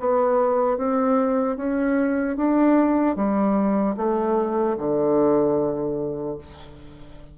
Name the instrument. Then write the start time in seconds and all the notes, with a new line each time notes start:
bassoon
0.00 B3
0.78 C4
1.57 C#4
2.37 D4
3.16 G3
3.97 A3
4.78 D3